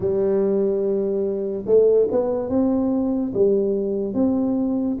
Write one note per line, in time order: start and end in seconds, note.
0.00 1.64 G3
1.66 2.07 A3
2.11 2.49 B3
2.49 3.32 C4
3.33 4.14 G3
4.14 4.97 C4